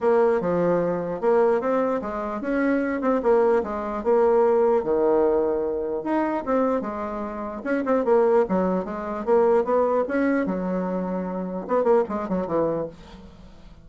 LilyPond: \new Staff \with { instrumentName = "bassoon" } { \time 4/4 \tempo 4 = 149 ais4 f2 ais4 | c'4 gis4 cis'4. c'8 | ais4 gis4 ais2 | dis2. dis'4 |
c'4 gis2 cis'8 c'8 | ais4 fis4 gis4 ais4 | b4 cis'4 fis2~ | fis4 b8 ais8 gis8 fis8 e4 | }